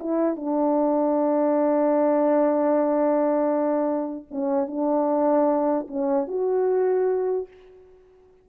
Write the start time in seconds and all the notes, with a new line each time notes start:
0.00 E4
0.36 D4
4.31 C#4
4.68 D4
5.88 C#4
6.28 F#4